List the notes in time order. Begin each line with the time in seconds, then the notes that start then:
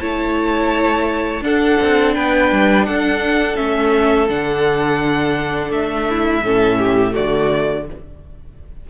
0.00 A3 E4 C#5 A5
1.41 D4 A4 F#5
1.82 C4
2.14 B3 B4 G5
2.52 G3
2.86 D4 A4 F#5
3.56 A3 C#4 E5
4.29 D3 D4 F#5
5.71 A3 E5
6.10 E4
6.43 A2 C#4 A4
6.79 G4
7.11 A3 F#4 D5
7.19 D3